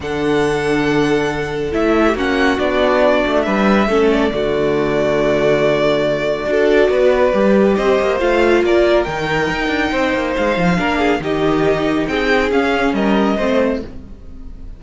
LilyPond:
<<
  \new Staff \with { instrumentName = "violin" } { \time 4/4 \tempo 4 = 139 fis''1 | e''4 fis''4 d''2 | e''4. d''2~ d''8~ | d''1~ |
d''2 dis''4 f''4 | d''4 g''2. | f''2 dis''2 | g''4 f''4 dis''2 | }
  \new Staff \with { instrumentName = "violin" } { \time 4/4 a'1~ | a'8. g'16 fis'2. | b'4 a'4 fis'2~ | fis'2. a'4 |
b'2 c''2 | ais'2. c''4~ | c''4 ais'8 gis'8 g'2 | gis'2 ais'4 c''4 | }
  \new Staff \with { instrumentName = "viola" } { \time 4/4 d'1 | e'4 cis'4 d'2~ | d'4 cis'4 a2~ | a2. fis'4~ |
fis'4 g'2 f'4~ | f'4 dis'2.~ | dis'4 d'4 dis'2~ | dis'4 cis'2 c'4 | }
  \new Staff \with { instrumentName = "cello" } { \time 4/4 d1 | a4 ais4 b4. a8 | g4 a4 d2~ | d2. d'4 |
b4 g4 c'8 ais8 a4 | ais4 dis4 dis'8 d'8 c'8 ais8 | gis8 f8 ais4 dis2 | c'4 cis'4 g4 a4 | }
>>